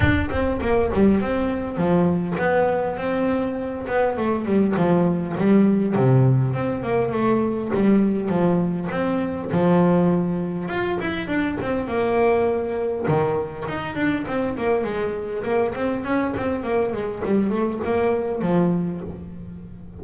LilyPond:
\new Staff \with { instrumentName = "double bass" } { \time 4/4 \tempo 4 = 101 d'8 c'8 ais8 g8 c'4 f4 | b4 c'4. b8 a8 g8 | f4 g4 c4 c'8 ais8 | a4 g4 f4 c'4 |
f2 f'8 e'8 d'8 c'8 | ais2 dis4 dis'8 d'8 | c'8 ais8 gis4 ais8 c'8 cis'8 c'8 | ais8 gis8 g8 a8 ais4 f4 | }